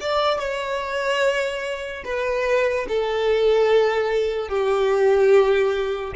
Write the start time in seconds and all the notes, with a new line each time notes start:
0.00 D5
0.39 C#5
2.04 B4
2.88 A4
4.49 G4